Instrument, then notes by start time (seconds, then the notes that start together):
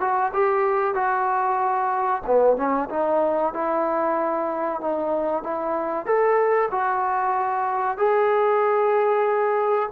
trombone
0.00 F#4
0.33 G4
0.94 F#4
2.26 B3
2.56 C#4
2.90 D#4
3.53 E4
4.81 D#4
5.43 E4
6.06 A4
6.71 F#4
7.98 G#4